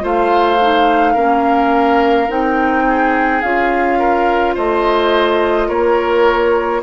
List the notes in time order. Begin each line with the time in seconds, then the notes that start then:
0.00 A3 F4 C5 F5
0.61 D#4
1.13 A#3 C#4 A#4
2.28 C4 D#4 G5
2.88 G#4
3.41 C#4 F4 F5
3.98 A#4
4.54 A3 C5 D#5
5.68 A#3 A#4 C#5